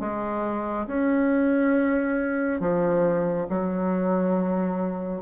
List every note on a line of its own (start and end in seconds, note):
0.00 0.87 G#3
0.87 2.60 C#4
2.60 3.47 F3
3.50 5.23 F#3